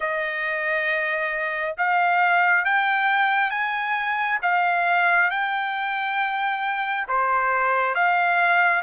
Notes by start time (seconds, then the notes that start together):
0.00 D#5
1.77 F5
2.64 G5
3.50 G#5
4.42 F5
5.30 G5
7.08 C5
7.94 F5